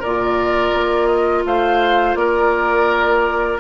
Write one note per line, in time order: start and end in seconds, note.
0.00 0.74 A#2
0.00 1.43 A#4
0.00 1.07 D5
0.06 3.60 F4
0.74 1.45 A#3
1.07 1.43 D#5
1.46 2.15 A3
1.46 2.19 C5
1.46 2.16 F5
2.15 3.58 A#3
2.15 3.60 A#4
2.15 3.59 D5